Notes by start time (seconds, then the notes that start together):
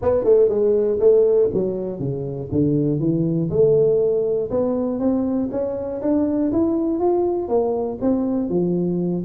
0.02 B3
0.24 A3
0.48 G#3
0.99 A3
1.53 F#3
1.99 C#3
2.51 D3
2.99 E3
3.50 A3
4.50 B3
4.99 C4
5.51 C#4
6.01 D4
6.51 E4
6.99 F4
7.48 A#3
8.01 C4
8.49 F3